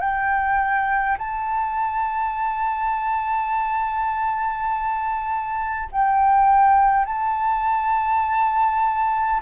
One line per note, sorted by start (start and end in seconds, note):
0.00 1.18 G5
1.18 5.89 A5
5.91 7.05 G5
7.05 9.41 A5